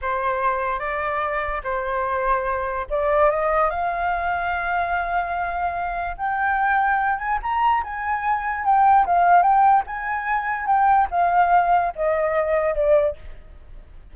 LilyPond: \new Staff \with { instrumentName = "flute" } { \time 4/4 \tempo 4 = 146 c''2 d''2 | c''2. d''4 | dis''4 f''2.~ | f''2. g''4~ |
g''4. gis''8 ais''4 gis''4~ | gis''4 g''4 f''4 g''4 | gis''2 g''4 f''4~ | f''4 dis''2 d''4 | }